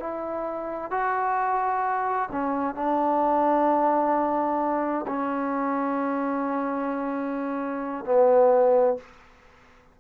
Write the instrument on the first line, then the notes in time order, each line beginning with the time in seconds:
trombone
0.00 E4
0.91 F#4
2.32 C#4
2.75 D4
5.07 C#4
8.05 B3